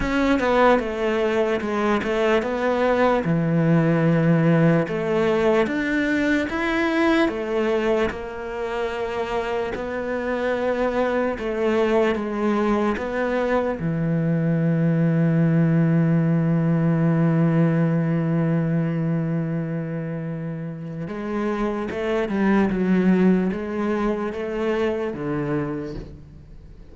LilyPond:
\new Staff \with { instrumentName = "cello" } { \time 4/4 \tempo 4 = 74 cis'8 b8 a4 gis8 a8 b4 | e2 a4 d'4 | e'4 a4 ais2 | b2 a4 gis4 |
b4 e2.~ | e1~ | e2 gis4 a8 g8 | fis4 gis4 a4 d4 | }